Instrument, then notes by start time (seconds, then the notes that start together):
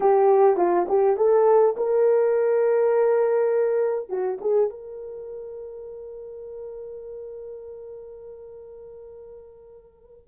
horn
0.00 G4
0.56 F4
0.88 G4
1.17 A4
1.76 A#4
4.09 F#4
4.40 G#4
4.70 A#4